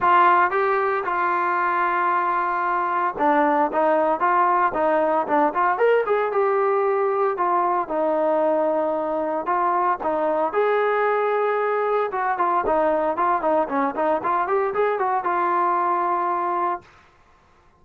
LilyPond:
\new Staff \with { instrumentName = "trombone" } { \time 4/4 \tempo 4 = 114 f'4 g'4 f'2~ | f'2 d'4 dis'4 | f'4 dis'4 d'8 f'8 ais'8 gis'8 | g'2 f'4 dis'4~ |
dis'2 f'4 dis'4 | gis'2. fis'8 f'8 | dis'4 f'8 dis'8 cis'8 dis'8 f'8 g'8 | gis'8 fis'8 f'2. | }